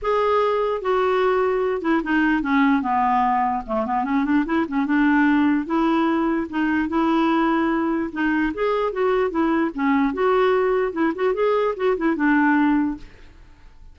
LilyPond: \new Staff \with { instrumentName = "clarinet" } { \time 4/4 \tempo 4 = 148 gis'2 fis'2~ | fis'8 e'8 dis'4 cis'4 b4~ | b4 a8 b8 cis'8 d'8 e'8 cis'8 | d'2 e'2 |
dis'4 e'2. | dis'4 gis'4 fis'4 e'4 | cis'4 fis'2 e'8 fis'8 | gis'4 fis'8 e'8 d'2 | }